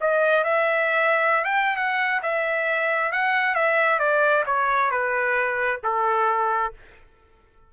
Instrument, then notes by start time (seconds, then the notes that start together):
trumpet
0.00 D#5
0.44 E5
1.44 G5
1.76 F#5
2.22 E5
3.12 F#5
3.55 E5
3.99 D5
4.46 C#5
4.91 B4
5.84 A4